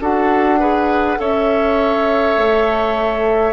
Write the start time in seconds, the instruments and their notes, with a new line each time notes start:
0.00 bassoon D4, clarinet F#4, oboe A4, flute F#5
0.59 clarinet G#4, oboe B4
1.17 bassoon C#4, clarinet A4, oboe C#5, flute E5
2.37 bassoon A3